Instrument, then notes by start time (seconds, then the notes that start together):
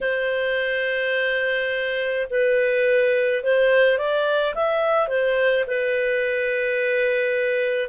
clarinet
0.00 C5
2.30 B4
3.43 C5
3.97 D5
4.54 E5
5.08 C5
5.67 B4